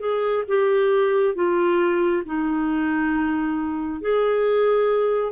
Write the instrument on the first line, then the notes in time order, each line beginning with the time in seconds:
clarinet
0.00 G#4
0.48 G4
1.35 F4
2.26 D#4
4.01 G#4